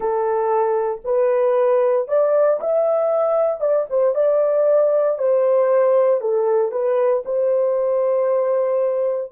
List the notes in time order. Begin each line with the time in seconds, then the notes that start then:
0.00 A4
1.04 B4
2.07 D5
2.60 E5
3.60 D5
3.89 C5
4.14 D5
5.18 C5
6.21 A4
6.71 B4
7.25 C5